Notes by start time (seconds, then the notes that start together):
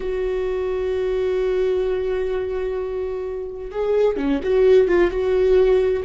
0.00 F#4
3.71 G#4
4.16 C#4
4.43 F#4
4.87 F4
5.10 F#4